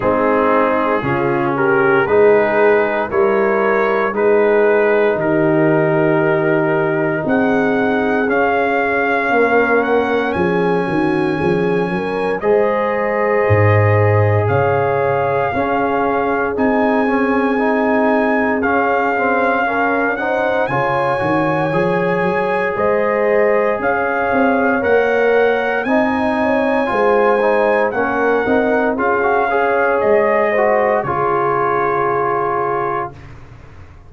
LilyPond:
<<
  \new Staff \with { instrumentName = "trumpet" } { \time 4/4 \tempo 4 = 58 gis'4. ais'8 b'4 cis''4 | b'4 ais'2 fis''4 | f''4. fis''8 gis''2 | dis''2 f''2 |
gis''2 f''4. fis''8 | gis''2 dis''4 f''4 | fis''4 gis''2 fis''4 | f''4 dis''4 cis''2 | }
  \new Staff \with { instrumentName = "horn" } { \time 4/4 dis'4 f'8 g'8 gis'4 ais'4 | gis'4 g'2 gis'4~ | gis'4 ais'4 gis'8 fis'8 gis'8 ais'8 | c''2 cis''4 gis'4~ |
gis'2. ais'8 c''8 | cis''2 c''4 cis''4~ | cis''4 dis''8 cis''8 c''4 ais'4 | gis'8 cis''4 c''8 gis'2 | }
  \new Staff \with { instrumentName = "trombone" } { \time 4/4 c'4 cis'4 dis'4 e'4 | dis'1 | cis'1 | gis'2. cis'4 |
dis'8 cis'8 dis'4 cis'8 c'8 cis'8 dis'8 | f'8 fis'8 gis'2. | ais'4 dis'4 f'8 dis'8 cis'8 dis'8 | f'16 fis'16 gis'4 fis'8 f'2 | }
  \new Staff \with { instrumentName = "tuba" } { \time 4/4 gis4 cis4 gis4 g4 | gis4 dis2 c'4 | cis'4 ais4 f8 dis8 f8 fis8 | gis4 gis,4 cis4 cis'4 |
c'2 cis'2 | cis8 dis8 f8 fis8 gis4 cis'8 c'8 | ais4 c'4 gis4 ais8 c'8 | cis'4 gis4 cis2 | }
>>